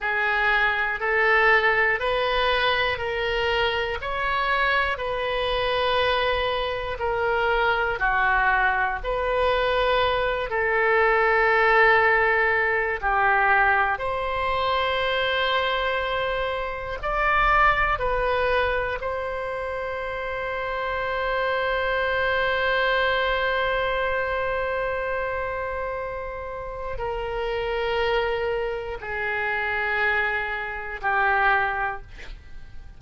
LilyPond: \new Staff \with { instrumentName = "oboe" } { \time 4/4 \tempo 4 = 60 gis'4 a'4 b'4 ais'4 | cis''4 b'2 ais'4 | fis'4 b'4. a'4.~ | a'4 g'4 c''2~ |
c''4 d''4 b'4 c''4~ | c''1~ | c''2. ais'4~ | ais'4 gis'2 g'4 | }